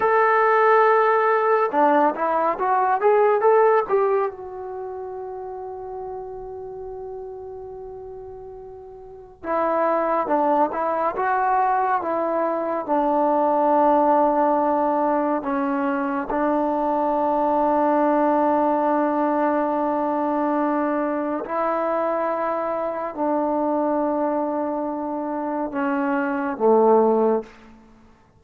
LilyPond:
\new Staff \with { instrumentName = "trombone" } { \time 4/4 \tempo 4 = 70 a'2 d'8 e'8 fis'8 gis'8 | a'8 g'8 fis'2.~ | fis'2. e'4 | d'8 e'8 fis'4 e'4 d'4~ |
d'2 cis'4 d'4~ | d'1~ | d'4 e'2 d'4~ | d'2 cis'4 a4 | }